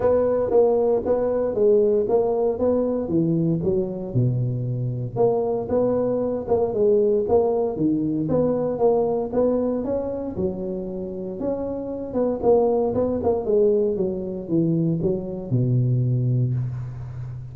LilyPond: \new Staff \with { instrumentName = "tuba" } { \time 4/4 \tempo 4 = 116 b4 ais4 b4 gis4 | ais4 b4 e4 fis4 | b,2 ais4 b4~ | b8 ais8 gis4 ais4 dis4 |
b4 ais4 b4 cis'4 | fis2 cis'4. b8 | ais4 b8 ais8 gis4 fis4 | e4 fis4 b,2 | }